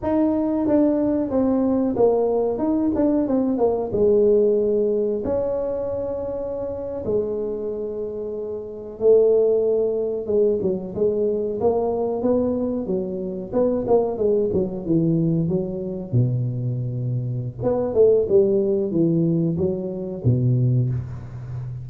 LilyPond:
\new Staff \with { instrumentName = "tuba" } { \time 4/4 \tempo 4 = 92 dis'4 d'4 c'4 ais4 | dis'8 d'8 c'8 ais8 gis2 | cis'2~ cis'8. gis4~ gis16~ | gis4.~ gis16 a2 gis16~ |
gis16 fis8 gis4 ais4 b4 fis16~ | fis8. b8 ais8 gis8 fis8 e4 fis16~ | fis8. b,2~ b,16 b8 a8 | g4 e4 fis4 b,4 | }